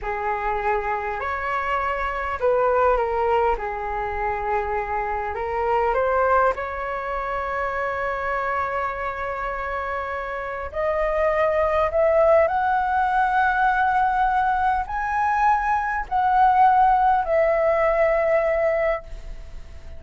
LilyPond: \new Staff \with { instrumentName = "flute" } { \time 4/4 \tempo 4 = 101 gis'2 cis''2 | b'4 ais'4 gis'2~ | gis'4 ais'4 c''4 cis''4~ | cis''1~ |
cis''2 dis''2 | e''4 fis''2.~ | fis''4 gis''2 fis''4~ | fis''4 e''2. | }